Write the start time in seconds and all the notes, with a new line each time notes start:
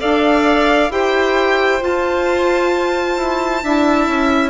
0.00 D4 A4 D5 F5
0.90 E4 G4 C5 G5
1.80 F4 A5
3.18 E4
3.64 D4 E4 E5
4.08 C#4